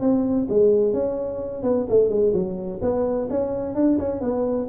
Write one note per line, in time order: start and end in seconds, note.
0.00 0.47 C4
0.49 0.93 G#3
0.93 1.63 C#4
1.63 1.86 B3
1.89 2.09 A3
2.09 2.33 G#3
2.33 2.80 F#3
2.81 3.28 B3
3.30 3.75 C#4
3.75 3.98 D4
3.98 4.21 C#4
4.21 4.67 B3